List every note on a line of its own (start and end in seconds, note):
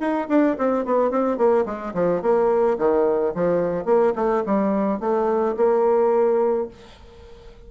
0.00 0.28 D#4
0.29 0.57 D4
0.58 0.85 C4
0.85 1.11 B3
1.11 1.37 C4
1.37 1.65 A#3
1.65 1.93 G#3
1.94 2.22 F3
2.22 2.77 A#3
2.79 3.34 D#3
3.35 3.85 F3
3.85 4.13 A#3
4.16 4.43 A3
4.46 5.00 G3
5.00 5.55 A3
5.57 6.68 A#3